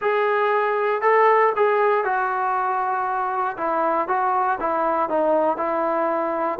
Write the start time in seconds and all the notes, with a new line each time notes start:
0.01 G#4
1.01 A4
1.56 G#4
2.04 F#4
3.57 E4
4.07 F#4
4.59 E4
5.09 D#4
5.57 E4